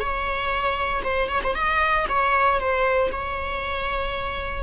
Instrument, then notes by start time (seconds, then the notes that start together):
viola
0.00 C#5
1.04 C5
1.29 C#5
1.44 C5
1.55 D#5
2.09 C#5
2.60 C5
3.12 C#5